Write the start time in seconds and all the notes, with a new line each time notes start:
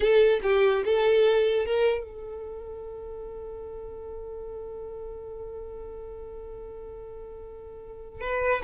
0.00 A4
0.42 G4
0.84 A4
1.65 A#4
2.04 A4
8.20 B4